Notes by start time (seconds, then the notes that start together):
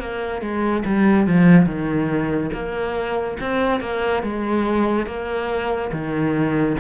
0.00 A#3
0.41 G#3
0.86 G3
1.27 F3
1.66 D#3
2.53 A#3
3.40 C4
3.81 A#3
4.23 G#3
5.06 A#3
5.92 D#3